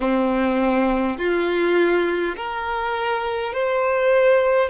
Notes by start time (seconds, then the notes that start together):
0.00 C4
1.18 F4
2.36 A#4
3.53 C5